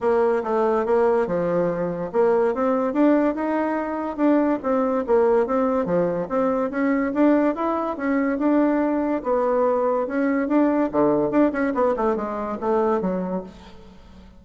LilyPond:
\new Staff \with { instrumentName = "bassoon" } { \time 4/4 \tempo 4 = 143 ais4 a4 ais4 f4~ | f4 ais4 c'4 d'4 | dis'2 d'4 c'4 | ais4 c'4 f4 c'4 |
cis'4 d'4 e'4 cis'4 | d'2 b2 | cis'4 d'4 d4 d'8 cis'8 | b8 a8 gis4 a4 fis4 | }